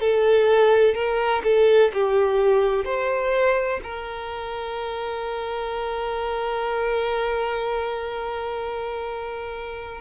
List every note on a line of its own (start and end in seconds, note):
0.00 0.94 A4
0.94 1.42 A#4
1.43 1.91 A4
1.93 2.84 G4
2.84 3.80 C5
3.83 10.00 A#4